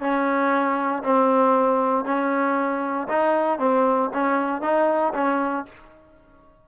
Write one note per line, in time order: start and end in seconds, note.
0.00 1.03 C#4
1.03 2.05 C4
2.05 3.07 C#4
3.08 3.59 D#4
3.59 4.10 C4
4.13 4.62 C#4
4.62 5.13 D#4
5.14 5.65 C#4